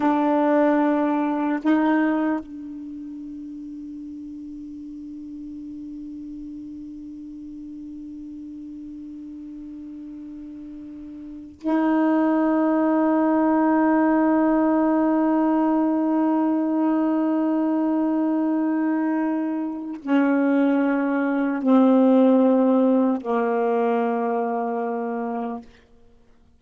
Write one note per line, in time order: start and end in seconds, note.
0.00 1.60 D4
1.63 2.39 D#4
2.39 11.59 D4
11.60 20.00 D#4
20.02 21.62 C#4
21.62 23.21 C4
23.21 25.61 A#3